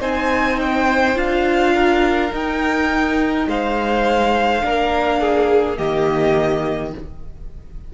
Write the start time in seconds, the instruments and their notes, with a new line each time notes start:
0.00 cello C4, viola D#4, violin C5 G#5
0.61 violin G5
1.15 cello D4, viola F4, violin F5
1.74 violin A#4
2.33 cello D#4, viola D#4, violin G5
3.47 cello G#3, violin C5 F5
4.61 cello A#3, viola D4, violin A#4
5.20 violin G#4
5.77 cello D#3, viola A#3, violin G4 D#5